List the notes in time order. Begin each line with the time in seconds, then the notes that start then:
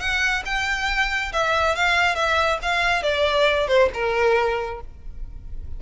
0.00 F#5
0.46 G5
1.33 E5
1.76 F5
2.16 E5
2.62 F5
3.03 D5
3.68 C5
3.94 A#4